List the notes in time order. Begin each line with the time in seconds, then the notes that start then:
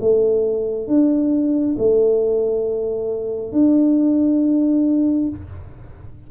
0.00 A3
0.88 D4
1.78 A3
3.53 D4